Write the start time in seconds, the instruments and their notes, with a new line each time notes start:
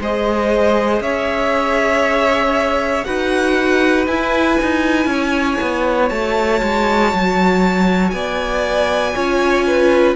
0.00 cello G#3, viola G#4, violin C5 D#5
1.00 cello C#4, violin C#5 E5
3.04 cello D#4, viola F#4, violin B4 F#5
4.07 cello E4, viola E4, violin G#5
4.62 cello D#4
5.06 cello C#4, violin C#5
5.61 cello B3
6.09 cello A3, viola F#4, violin A5
6.62 cello G#3
7.13 cello F#3
8.10 cello B3, violin D5 G#5
9.15 cello C#4, viola F4, violin C#5
9.66 violin B4